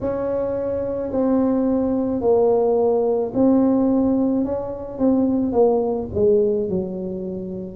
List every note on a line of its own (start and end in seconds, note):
0.01 1.11 C#4
1.11 2.21 C4
2.21 3.32 A#3
3.33 4.44 C4
4.44 4.98 C#4
4.98 5.52 C4
5.52 6.08 A#3
6.14 6.69 G#3
6.69 7.76 F#3